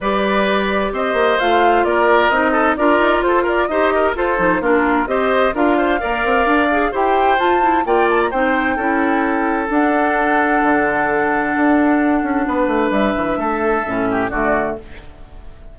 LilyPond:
<<
  \new Staff \with { instrumentName = "flute" } { \time 4/4 \tempo 4 = 130 d''2 dis''4 f''4 | d''4 dis''4 d''4 c''8 d''8 | dis''4 c''4 ais'4 dis''4 | f''2. g''4 |
a''4 g''8 a''16 ais''16 g''2~ | g''4 fis''2.~ | fis''1 | e''2. d''4 | }
  \new Staff \with { instrumentName = "oboe" } { \time 4/4 b'2 c''2 | ais'4. a'8 ais'4 a'8 ais'8 | c''8 ais'8 a'4 f'4 c''4 | ais'8 c''8 d''2 c''4~ |
c''4 d''4 c''4 a'4~ | a'1~ | a'2. b'4~ | b'4 a'4. g'8 fis'4 | }
  \new Staff \with { instrumentName = "clarinet" } { \time 4/4 g'2. f'4~ | f'4 dis'4 f'2 | g'4 f'8 dis'8 d'4 g'4 | f'4 ais'4. gis'8 g'4 |
f'8 e'8 f'4 dis'4 e'4~ | e'4 d'2.~ | d'1~ | d'2 cis'4 a4 | }
  \new Staff \with { instrumentName = "bassoon" } { \time 4/4 g2 c'8 ais8 a4 | ais4 c'4 d'8 dis'8 f'4 | dis'4 f'8 f8 ais4 c'4 | d'4 ais8 c'8 d'4 e'4 |
f'4 ais4 c'4 cis'4~ | cis'4 d'2 d4~ | d4 d'4. cis'8 b8 a8 | g8 e8 a4 a,4 d4 | }
>>